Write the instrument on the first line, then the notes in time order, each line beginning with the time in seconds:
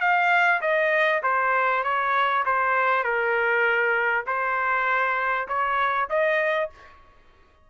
trumpet
0.00 F5
0.61 D#5
1.23 C5
1.83 C#5
2.45 C5
3.03 A#4
4.26 C5
5.48 C#5
6.09 D#5